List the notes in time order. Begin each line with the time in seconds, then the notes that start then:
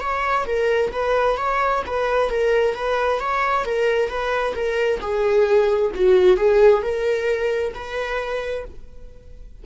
0.00 C#5
0.46 A#4
0.92 B4
1.37 C#5
1.86 B4
2.30 A#4
2.74 B4
3.20 C#5
3.64 A#4
4.09 B4
4.55 A#4
5.00 G#4
5.94 F#4
6.37 G#4
6.82 A#4
7.74 B4